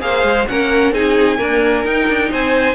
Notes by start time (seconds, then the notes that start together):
0.00 A#3 G#4 C5 F5
0.23 G#3
0.47 A#3 C#4 A#4 F#5
0.91 C4 D#4 G#4 G#5
1.37 A#3 D4 A#4
1.84 D#4 G5
2.08 D4
2.30 C4 C5 G#5